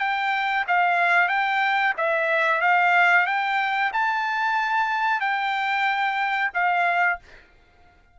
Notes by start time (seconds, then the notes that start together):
0.00 G5
0.68 F5
1.29 G5
1.98 E5
2.61 F5
3.27 G5
3.93 A5
5.21 G5
6.55 F5